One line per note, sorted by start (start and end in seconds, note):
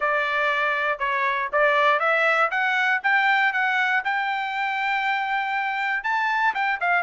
0.00 0.98 D5
0.98 1.49 C#5
1.52 1.99 D5
1.99 2.50 E5
2.50 3.01 F#5
3.03 3.52 G5
3.52 4.03 F#5
4.04 6.03 G5
6.03 6.54 A5
6.54 6.79 G5
6.80 7.03 F5